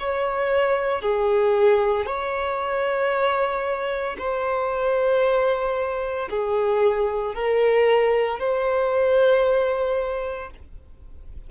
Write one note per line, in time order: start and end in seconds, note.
0.00 1.02 C#5
1.02 2.06 G#4
2.06 4.17 C#5
4.19 6.29 C5
6.31 7.35 G#4
7.35 8.40 A#4
8.40 10.50 C5